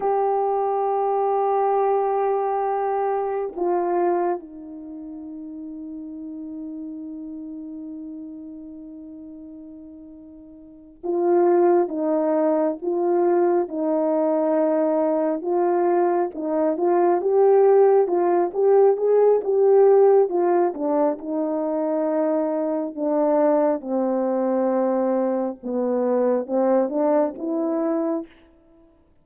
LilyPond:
\new Staff \with { instrumentName = "horn" } { \time 4/4 \tempo 4 = 68 g'1 | f'4 dis'2.~ | dis'1~ | dis'8 f'4 dis'4 f'4 dis'8~ |
dis'4. f'4 dis'8 f'8 g'8~ | g'8 f'8 g'8 gis'8 g'4 f'8 d'8 | dis'2 d'4 c'4~ | c'4 b4 c'8 d'8 e'4 | }